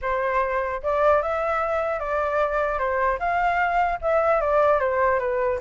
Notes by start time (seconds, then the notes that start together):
0.01 C5
0.83 D5
1.22 E5
1.99 D5
2.78 C5
3.19 F5
4.01 E5
4.40 D5
4.80 C5
5.19 B4